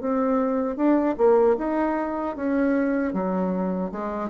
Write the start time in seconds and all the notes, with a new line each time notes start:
0.00 C4
0.76 D4
1.17 A#3
1.58 D#4
2.36 C#4
3.13 F#3
3.91 G#3